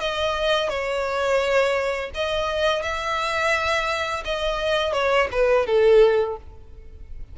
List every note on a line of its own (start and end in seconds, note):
0.00 0.69 D#5
0.69 2.10 C#5
2.14 2.82 D#5
2.82 4.23 E5
4.24 4.93 D#5
4.93 5.28 C#5
5.31 5.66 B4
5.66 6.37 A4